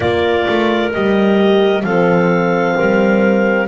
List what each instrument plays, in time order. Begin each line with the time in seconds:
0.00 double bass A#3, horn F4, clarinet A#4 D5
0.48 double bass A3
0.92 double bass G3, horn G4, clarinet D#5
1.82 double bass F3, horn C4, clarinet A4 F5
2.75 double bass G3, clarinet A#4